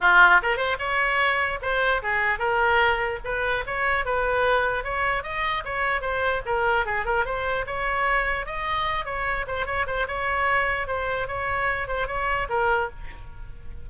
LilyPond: \new Staff \with { instrumentName = "oboe" } { \time 4/4 \tempo 4 = 149 f'4 ais'8 c''8 cis''2 | c''4 gis'4 ais'2 | b'4 cis''4 b'2 | cis''4 dis''4 cis''4 c''4 |
ais'4 gis'8 ais'8 c''4 cis''4~ | cis''4 dis''4. cis''4 c''8 | cis''8 c''8 cis''2 c''4 | cis''4. c''8 cis''4 ais'4 | }